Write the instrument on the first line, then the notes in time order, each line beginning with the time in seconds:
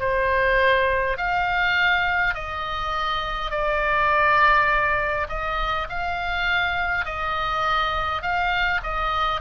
oboe
0.00 C5
1.18 F5
2.35 D#5
3.51 D5
5.29 D#5
5.89 F5
7.05 D#5
8.22 F5
8.83 D#5